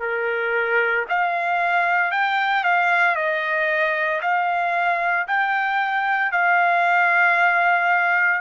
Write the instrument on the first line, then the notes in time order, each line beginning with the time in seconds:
trumpet
0.00 A#4
1.09 F5
2.11 G5
2.64 F5
3.15 D#5
4.22 F5
5.27 G5
6.32 F5